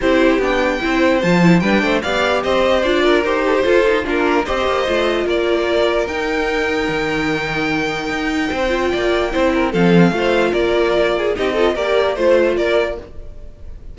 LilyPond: <<
  \new Staff \with { instrumentName = "violin" } { \time 4/4 \tempo 4 = 148 c''4 g''2 a''4 | g''4 f''4 dis''4 d''4 | c''2 ais'4 dis''4~ | dis''4 d''2 g''4~ |
g''1~ | g''1 | f''2 d''2 | dis''4 d''4 c''4 d''4 | }
  \new Staff \with { instrumentName = "violin" } { \time 4/4 g'2 c''2 | b'8 c''8 d''4 c''4. ais'8~ | ais'8 a'16 g'16 a'4 f'4 c''4~ | c''4 ais'2.~ |
ais'1~ | ais'4 c''4 d''4 c''8 ais'8 | a'4 c''4 ais'4. gis'8 | g'8 a'8 ais'4 c''4 ais'4 | }
  \new Staff \with { instrumentName = "viola" } { \time 4/4 e'4 d'4 e'4 f'8 e'8 | d'4 g'2 f'4 | g'4 f'8 dis'8 d'4 g'4 | f'2. dis'4~ |
dis'1~ | dis'4. f'4. e'4 | c'4 f'2. | dis'8 f'8 g'4 f'2 | }
  \new Staff \with { instrumentName = "cello" } { \time 4/4 c'4 b4 c'4 f4 | g8 a8 b4 c'4 d'4 | dis'4 f'4 ais4 c'8 ais8 | a4 ais2 dis'4~ |
dis'4 dis2. | dis'4 c'4 ais4 c'4 | f4 a4 ais2 | c'4 ais4 a4 ais4 | }
>>